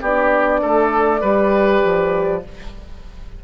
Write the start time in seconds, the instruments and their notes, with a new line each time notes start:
0.00 bassoon B3, horn D4, oboe G4, flute D5
0.61 bassoon A3, oboe A4
1.21 bassoon G3, horn G4, oboe B4
1.84 bassoon F3